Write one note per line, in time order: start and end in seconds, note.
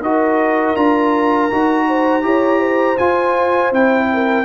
0.00 0.74 D#4
0.00 0.76 F#4
0.00 1.87 A#4
0.00 0.76 D#5
0.76 1.50 D4
0.76 1.50 F4
0.76 2.97 A#5
1.50 2.23 D#4
1.50 2.22 F#4
1.87 2.24 C5
2.22 2.97 E4
2.22 2.96 G4
2.22 2.60 C#5
2.60 4.08 C5
2.97 3.72 F4
2.97 3.71 F4
2.97 3.71 G#5
3.71 4.45 C4
3.71 4.45 E4
3.71 4.45 G5
4.13 4.45 A#4